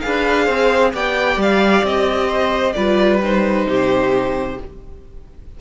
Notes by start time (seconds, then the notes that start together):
0.00 D4 G#4 B4 F5
0.45 C4 C5
0.93 B3 G4 D5 G5
1.37 G3 F5
1.83 C4 D#5
2.27 C5
2.72 G3 F4 B4 D5
3.22 D#4 C5
3.66 C3 G4